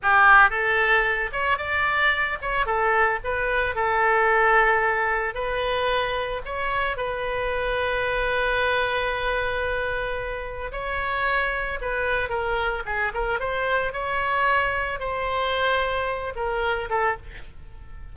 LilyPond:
\new Staff \with { instrumentName = "oboe" } { \time 4/4 \tempo 4 = 112 g'4 a'4. cis''8 d''4~ | d''8 cis''8 a'4 b'4 a'4~ | a'2 b'2 | cis''4 b'2.~ |
b'1 | cis''2 b'4 ais'4 | gis'8 ais'8 c''4 cis''2 | c''2~ c''8 ais'4 a'8 | }